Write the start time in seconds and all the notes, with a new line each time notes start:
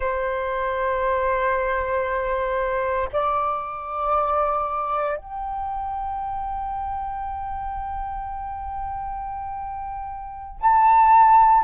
0.00 C5
3.13 D5
5.17 G5
10.60 A5